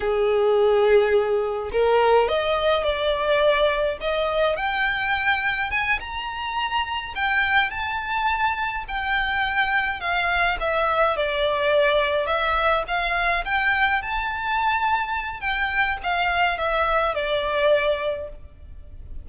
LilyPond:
\new Staff \with { instrumentName = "violin" } { \time 4/4 \tempo 4 = 105 gis'2. ais'4 | dis''4 d''2 dis''4 | g''2 gis''8 ais''4.~ | ais''8 g''4 a''2 g''8~ |
g''4. f''4 e''4 d''8~ | d''4. e''4 f''4 g''8~ | g''8 a''2~ a''8 g''4 | f''4 e''4 d''2 | }